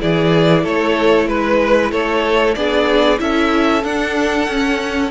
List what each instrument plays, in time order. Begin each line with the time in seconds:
0.00 cello E3, viola E4, violin G#4 D5
0.63 cello A3, violin A4 C#5
1.28 cello G#3, violin B4
1.92 cello A3, violin A4 C#5
2.55 cello B3, viola D4, violin G#4 D5
3.18 cello C#4, viola E4, violin A4 E5
3.84 cello D4, viola D4, violin F#5
4.47 viola C#4, cello C#4